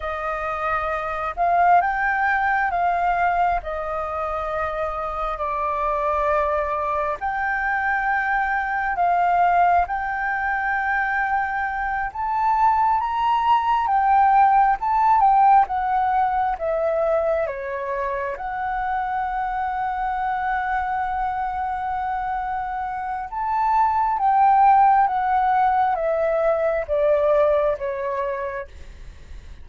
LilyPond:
\new Staff \with { instrumentName = "flute" } { \time 4/4 \tempo 4 = 67 dis''4. f''8 g''4 f''4 | dis''2 d''2 | g''2 f''4 g''4~ | g''4. a''4 ais''4 g''8~ |
g''8 a''8 g''8 fis''4 e''4 cis''8~ | cis''8 fis''2.~ fis''8~ | fis''2 a''4 g''4 | fis''4 e''4 d''4 cis''4 | }